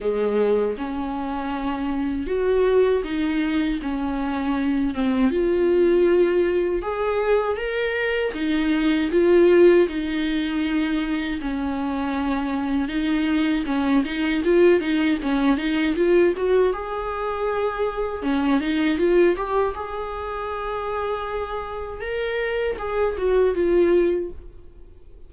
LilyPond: \new Staff \with { instrumentName = "viola" } { \time 4/4 \tempo 4 = 79 gis4 cis'2 fis'4 | dis'4 cis'4. c'8 f'4~ | f'4 gis'4 ais'4 dis'4 | f'4 dis'2 cis'4~ |
cis'4 dis'4 cis'8 dis'8 f'8 dis'8 | cis'8 dis'8 f'8 fis'8 gis'2 | cis'8 dis'8 f'8 g'8 gis'2~ | gis'4 ais'4 gis'8 fis'8 f'4 | }